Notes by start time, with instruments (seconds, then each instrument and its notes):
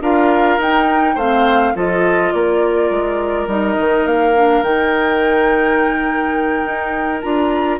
0.00 bassoon D4, clarinet F4, oboe A#4, flute F5
0.57 bassoon D#4, clarinet D#4, flute G5
1.14 bassoon A3, clarinet C4, oboe C5, flute F5
1.74 bassoon F3, clarinet F4, oboe A4, flute D#5
2.32 bassoon A#3, oboe A#4, flute D5
2.90 bassoon G#3
3.46 bassoon G3, clarinet D#4, flute D#5
3.78 bassoon D#3
4.05 bassoon A#3, flute F5
4.34 clarinet D4
4.62 bassoon D#3, clarinet D#4, flute G5
6.65 bassoon D#4
7.21 bassoon D4, clarinet F4, flute A#5